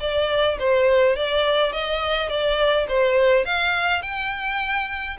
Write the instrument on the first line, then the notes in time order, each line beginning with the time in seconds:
violin
0.00 D5
0.59 C5
1.16 D5
1.72 D#5
2.28 D5
2.88 C5
3.45 F5
4.02 G5